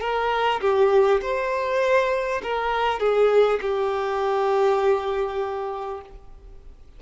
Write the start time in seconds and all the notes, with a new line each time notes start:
0.00 A#4
0.61 G4
1.21 C5
2.43 A#4
2.99 G#4
3.61 G4